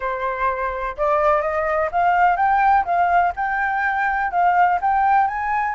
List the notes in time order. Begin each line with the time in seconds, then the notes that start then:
0.00 C5
0.97 D5
1.41 D#5
1.91 F5
2.36 G5
2.84 F5
3.36 G5
4.31 F5
4.81 G5
5.27 G#5